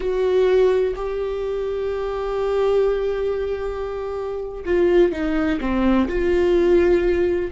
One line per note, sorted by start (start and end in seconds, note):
0.00 0.94 F#4
0.95 4.64 G4
4.65 5.11 F4
5.11 5.59 D#4
5.60 6.07 C4
6.08 7.51 F4